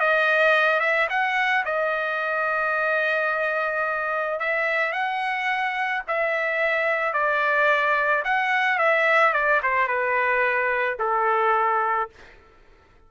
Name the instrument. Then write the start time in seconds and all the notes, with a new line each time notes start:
trumpet
0.00 D#5
0.80 E5
1.10 F#5
1.65 D#5
4.40 E5
4.92 F#5
6.08 E5
7.13 D5
8.24 F#5
8.78 E5
9.33 D5
9.63 C5
9.88 B4
10.99 A4